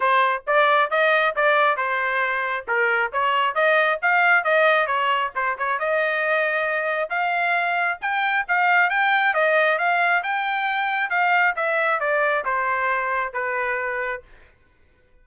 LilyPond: \new Staff \with { instrumentName = "trumpet" } { \time 4/4 \tempo 4 = 135 c''4 d''4 dis''4 d''4 | c''2 ais'4 cis''4 | dis''4 f''4 dis''4 cis''4 | c''8 cis''8 dis''2. |
f''2 g''4 f''4 | g''4 dis''4 f''4 g''4~ | g''4 f''4 e''4 d''4 | c''2 b'2 | }